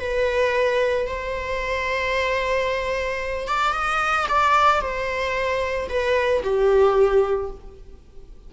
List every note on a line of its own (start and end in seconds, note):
0.00 1.07 B4
1.07 3.48 C5
3.48 3.73 D5
3.73 4.27 D#5
4.30 4.82 D5
4.82 5.89 C5
5.89 6.43 B4
6.44 7.51 G4